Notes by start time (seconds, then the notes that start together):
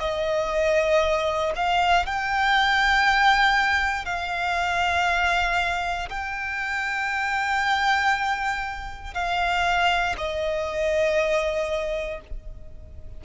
0.00 D#5
1.56 F5
2.06 G5
4.05 F5
6.09 G5
9.14 F5
10.17 D#5